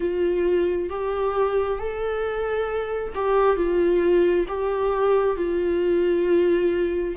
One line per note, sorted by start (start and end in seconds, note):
0.00 0.89 F4
0.89 1.79 G4
1.79 3.13 A4
3.14 3.56 G4
3.56 4.45 F4
4.48 5.36 G4
5.36 7.15 F4